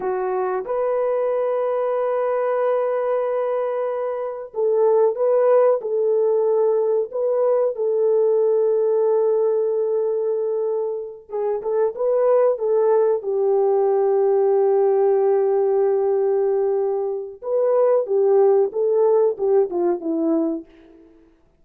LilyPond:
\new Staff \with { instrumentName = "horn" } { \time 4/4 \tempo 4 = 93 fis'4 b'2.~ | b'2. a'4 | b'4 a'2 b'4 | a'1~ |
a'4. gis'8 a'8 b'4 a'8~ | a'8 g'2.~ g'8~ | g'2. b'4 | g'4 a'4 g'8 f'8 e'4 | }